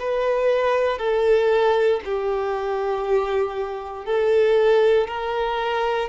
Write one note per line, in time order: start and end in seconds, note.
0.00 0.99 B4
0.99 2.01 A4
2.05 4.06 G4
4.06 5.08 A4
5.08 6.09 A#4